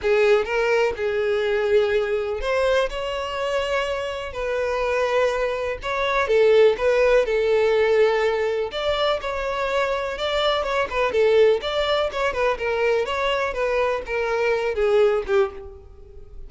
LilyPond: \new Staff \with { instrumentName = "violin" } { \time 4/4 \tempo 4 = 124 gis'4 ais'4 gis'2~ | gis'4 c''4 cis''2~ | cis''4 b'2. | cis''4 a'4 b'4 a'4~ |
a'2 d''4 cis''4~ | cis''4 d''4 cis''8 b'8 a'4 | d''4 cis''8 b'8 ais'4 cis''4 | b'4 ais'4. gis'4 g'8 | }